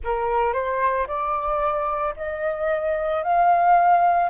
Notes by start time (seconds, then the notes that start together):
0.04 A#4
0.53 C5
1.07 D5
2.16 D#5
3.23 F5